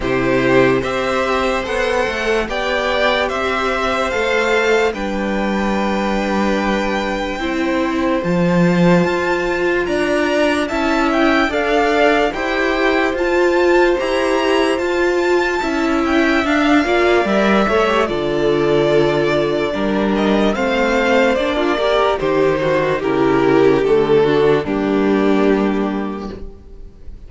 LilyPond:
<<
  \new Staff \with { instrumentName = "violin" } { \time 4/4 \tempo 4 = 73 c''4 e''4 fis''4 g''4 | e''4 f''4 g''2~ | g''2 a''2 | ais''4 a''8 g''8 f''4 g''4 |
a''4 ais''4 a''4. g''8 | f''4 e''4 d''2~ | d''8 dis''8 f''4 d''4 c''4 | ais'4 a'4 g'2 | }
  \new Staff \with { instrumentName = "violin" } { \time 4/4 g'4 c''2 d''4 | c''2 b'2~ | b'4 c''2. | d''4 e''4 d''4 c''4~ |
c''2. e''4~ | e''8 d''4 cis''8 a'2 | ais'4 c''4~ c''16 f'16 ais'8 g'8 fis'8 | g'4. fis'8 d'2 | }
  \new Staff \with { instrumentName = "viola" } { \time 4/4 e'4 g'4 a'4 g'4~ | g'4 a'4 d'2~ | d'4 e'4 f'2~ | f'4 e'4 a'4 g'4 |
f'4 g'4 f'4 e'4 | d'8 f'8 ais'8 a'16 g'16 f'2 | d'4 c'4 d'8 g'8 dis'4 | e'4 a8 d'8 ais2 | }
  \new Staff \with { instrumentName = "cello" } { \time 4/4 c4 c'4 b8 a8 b4 | c'4 a4 g2~ | g4 c'4 f4 f'4 | d'4 cis'4 d'4 e'4 |
f'4 e'4 f'4 cis'4 | d'8 ais8 g8 a8 d2 | g4 a4 ais4 dis4 | cis4 d4 g2 | }
>>